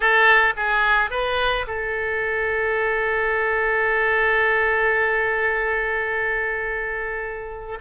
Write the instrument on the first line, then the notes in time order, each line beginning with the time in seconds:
oboe
0.00 A4
0.56 G#4
1.10 B4
1.67 A4